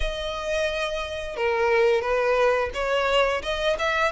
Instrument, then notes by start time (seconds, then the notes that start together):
violin
0.00 D#5
1.36 A#4
2.01 B4
2.73 C#5
3.42 D#5
3.78 E5